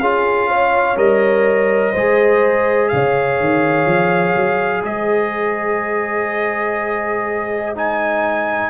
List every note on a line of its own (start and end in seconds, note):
0.00 0.96 C#4
0.00 0.97 F4
0.00 0.49 G#4
0.00 0.97 F5
0.49 1.92 C#5
0.96 1.93 G3
0.96 1.93 A#4
0.96 2.89 D#5
1.92 2.92 G#3
1.92 7.75 G#4
1.92 2.88 C5
2.89 3.40 C#3
2.89 4.84 C#5
2.89 4.82 F5
3.40 3.86 D#3
3.86 4.34 F3
4.36 4.83 F#3
4.83 8.70 G#3
4.83 8.70 C5
4.83 7.76 D#5
7.75 8.70 D#4
7.75 8.70 G#5